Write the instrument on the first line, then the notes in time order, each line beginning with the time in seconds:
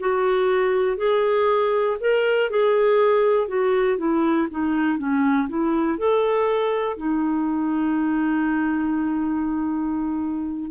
clarinet
0.00 F#4
0.97 G#4
2.00 A#4
2.50 G#4
3.48 F#4
3.98 E4
4.51 D#4
4.99 C#4
5.49 E4
5.99 A4
6.97 D#4